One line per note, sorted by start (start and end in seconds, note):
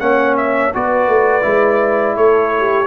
0.00 0.73 A#3
0.00 0.72 C#4
0.00 0.75 C#5
0.00 0.36 F#5
0.37 0.74 E5
0.74 1.08 B3
0.74 1.42 F#4
0.74 2.18 B4
0.74 2.17 D5
1.08 1.44 A3
1.42 2.17 G#3
1.42 2.86 E4
2.17 2.88 A3
2.17 2.54 A4
2.17 2.88 C#5
2.59 2.88 G4